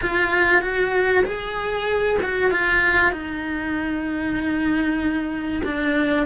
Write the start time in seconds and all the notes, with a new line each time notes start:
0.01 F4
0.61 F#4
1.24 G#4
2.22 F#4
2.50 F4
3.12 D#4
5.64 D4